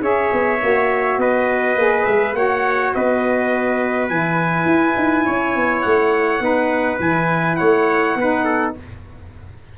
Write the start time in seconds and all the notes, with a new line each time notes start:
0.00 C#4 G#4 C#5 E5
0.32 B3
0.61 A#3 F#4
1.17 B3 B4 D#5
1.76 A#3 G#4
2.05 G#3 E5
2.34 A#3 F#4 C#5 F#5
2.94 B3 B4 D#5
4.08 E3 E4 G#5
4.65 E4
4.96 D#4
5.25 C#4 C#5
5.55 B3
5.81 A3 F#5
6.40 B3 D#4 B4
6.99 E3 E4 G#5
7.56 A3 C#5 F#5
8.15 B3 D#4 B4
8.45 A4